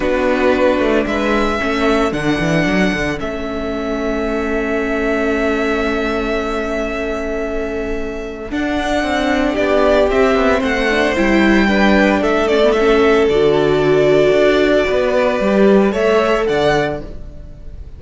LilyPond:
<<
  \new Staff \with { instrumentName = "violin" } { \time 4/4 \tempo 4 = 113 b'2 e''2 | fis''2 e''2~ | e''1~ | e''1 |
fis''2 d''4 e''4 | fis''4 g''2 e''8 d''8 | e''4 d''2.~ | d''2 e''4 fis''4 | }
  \new Staff \with { instrumentName = "violin" } { \time 4/4 fis'2 b'4 a'4~ | a'1~ | a'1~ | a'1~ |
a'2 g'2 | c''2 b'4 a'4~ | a'1 | b'2 cis''4 d''4 | }
  \new Staff \with { instrumentName = "viola" } { \time 4/4 d'2. cis'4 | d'2 cis'2~ | cis'1~ | cis'1 |
d'2. c'4~ | c'8 d'8 e'4 d'4. cis'16 b16 | cis'4 fis'2.~ | fis'4 g'4 a'2 | }
  \new Staff \with { instrumentName = "cello" } { \time 4/4 b4. a8 gis4 a4 | d8 e8 fis8 d8 a2~ | a1~ | a1 |
d'4 c'4 b4 c'8 b8 | a4 g2 a4~ | a4 d2 d'4 | b4 g4 a4 d4 | }
>>